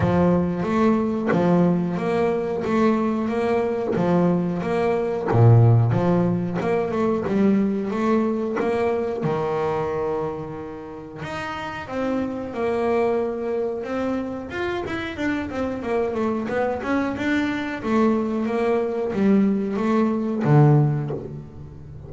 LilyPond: \new Staff \with { instrumentName = "double bass" } { \time 4/4 \tempo 4 = 91 f4 a4 f4 ais4 | a4 ais4 f4 ais4 | ais,4 f4 ais8 a8 g4 | a4 ais4 dis2~ |
dis4 dis'4 c'4 ais4~ | ais4 c'4 f'8 e'8 d'8 c'8 | ais8 a8 b8 cis'8 d'4 a4 | ais4 g4 a4 d4 | }